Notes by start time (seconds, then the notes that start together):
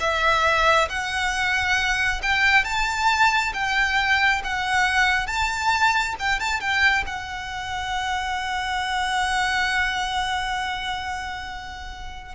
0.00 E5
0.89 F#5
2.23 G5
2.65 A5
3.54 G5
4.44 F#5
5.27 A5
6.19 G5
6.40 A5
6.60 G5
7.06 F#5